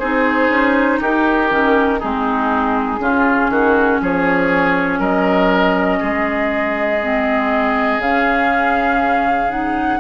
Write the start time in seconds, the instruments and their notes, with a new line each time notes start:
0.00 bassoon C4, clarinet D#4, oboe G#4, flute C5
0.49 bassoon C#4
1.00 bassoon D#4, oboe G4, flute A#4
1.50 bassoon D#3, clarinet C#4
2.00 bassoon G#3, clarinet C4, oboe D#4, flute G#4
2.98 bassoon C#3, clarinet C#4, oboe F4
3.50 bassoon D#3, oboe F#4
4.01 bassoon F3, oboe G#4, flute C#5
5.00 bassoon F#3, oboe A#4, flute D#5
6.00 bassoon G#3, oboe G#4
7.03 clarinet C4
7.99 bassoon C#3, clarinet C#4, flute F5
9.50 clarinet D#4, flute F#5